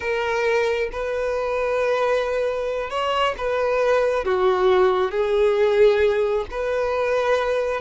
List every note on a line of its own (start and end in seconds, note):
0.00 0.89 A#4
0.92 2.90 B4
2.90 3.34 C#5
3.37 4.24 B4
4.24 5.11 F#4
5.11 6.45 G#4
6.50 7.80 B4